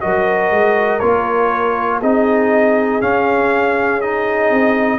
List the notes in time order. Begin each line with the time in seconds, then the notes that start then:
0.00 F#3 F#4 A#4 D#5
0.50 G#3
0.99 A#3 F4 C#5
1.99 C4 D#4 G#4 D#5
3.01 C#4 F5
4.01 D#4 D#5
4.50 C4